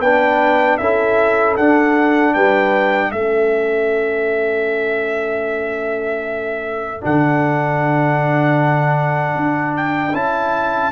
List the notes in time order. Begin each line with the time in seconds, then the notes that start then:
0.00 B3 D4 B4 G5
0.77 C#4 E4 A4 E5
1.56 D4 F#5
2.34 G3 B4 G5
3.10 A3 C#4 A4 E5
7.01 D3 D4 F#5
9.36 D4
9.76 G5
10.12 C#4 E4 A5